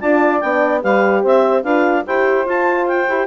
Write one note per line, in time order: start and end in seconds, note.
0.00 0.43 D4
0.00 0.41 F4
0.00 0.81 D5
0.00 0.40 A5
0.40 0.83 B3
0.40 0.82 D4
0.40 0.81 G5
0.81 1.24 G3
0.81 1.64 G4
0.81 1.21 B4
0.81 1.24 F5
1.21 1.64 C4
1.21 1.62 C5
1.21 1.63 E5
1.62 2.05 D4
1.62 2.05 F4
1.62 2.03 B4
1.62 2.05 F5
2.06 2.46 E4
2.06 2.45 G4
2.06 3.26 C5
2.06 2.47 G5
2.45 3.07 F4
2.45 2.87 A5
2.87 3.26 G5
3.08 3.26 E4
3.08 3.26 G4